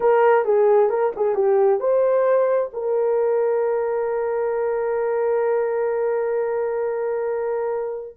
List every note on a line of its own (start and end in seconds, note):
0.00 0.44 A#4
0.44 0.89 G#4
0.89 1.12 A#4
1.15 1.34 G#4
1.34 1.80 G4
1.80 2.70 C5
2.73 8.17 A#4